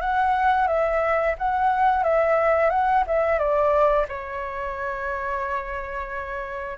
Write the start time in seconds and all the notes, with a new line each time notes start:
0.00 F#5
0.67 E5
1.38 F#5
2.03 E5
2.70 F#5
3.07 E5
3.38 D5
4.08 C#5